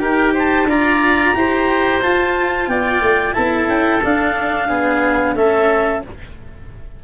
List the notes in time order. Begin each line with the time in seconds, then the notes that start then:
0.00 D#4 G4 A#4 G5
0.34 C5 A5
0.65 D4 F4 D5 A#5
1.35 E4 G4 C5
2.02 F4 A5
2.67 B3 D5 G5
3.01 A3
3.33 B3 E4 A4 A5
3.67 C#4 G5
4.03 D4 F5
4.67 B3 G#4
5.34 A3 C#4 A4 E5